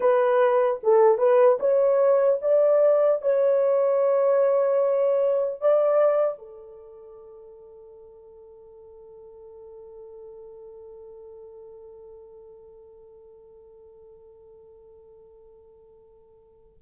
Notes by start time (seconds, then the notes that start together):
0.00 B4
0.83 A4
1.17 B4
1.59 C#5
2.41 D5
3.21 C#5
5.60 D5
6.38 A4